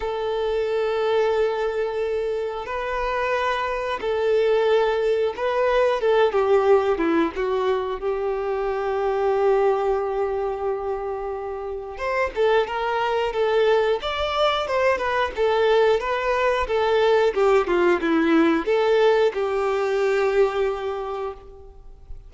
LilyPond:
\new Staff \with { instrumentName = "violin" } { \time 4/4 \tempo 4 = 90 a'1 | b'2 a'2 | b'4 a'8 g'4 e'8 fis'4 | g'1~ |
g'2 c''8 a'8 ais'4 | a'4 d''4 c''8 b'8 a'4 | b'4 a'4 g'8 f'8 e'4 | a'4 g'2. | }